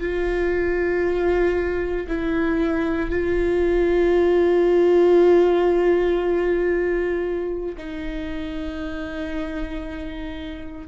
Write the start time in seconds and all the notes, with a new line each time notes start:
0.00 F4
2.07 E4
3.10 F4
7.77 D#4